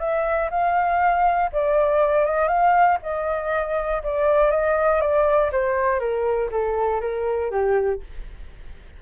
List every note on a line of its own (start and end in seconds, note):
0.00 0.50 E5
0.51 1.51 F5
1.53 2.26 D5
2.26 2.48 D#5
2.48 2.98 F5
3.03 4.03 D#5
4.03 4.51 D5
4.51 5.01 D#5
5.01 5.51 D5
5.52 6.00 C5
6.00 6.50 A#4
6.52 7.01 A4
7.01 7.51 A#4
7.51 8.01 G4